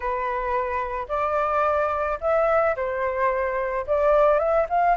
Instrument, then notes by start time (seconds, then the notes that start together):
flute
0.00 B4
1.08 D5
2.20 E5
2.75 C5
3.86 D5
4.38 E5
4.69 F5